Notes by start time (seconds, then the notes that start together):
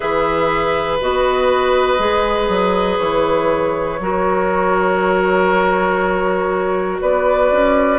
0.00 E3 G#4 B4 E5
1.00 B3 F#4 D#5
1.98 G#3 G#4
2.48 F#3
2.98 E3 C#5
3.99 F#3 F#4 A#4
7.01 B3 B4 D5
7.51 C#4